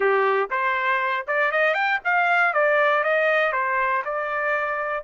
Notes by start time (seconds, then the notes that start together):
0.00 G4
0.50 C5
1.27 D5
1.51 D#5
1.73 G5
2.04 F5
2.53 D5
3.03 D#5
3.52 C5
4.04 D5